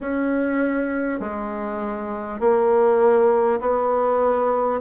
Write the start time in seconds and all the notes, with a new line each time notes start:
0.00 C#4
1.19 G#3
2.39 A#3
3.60 B3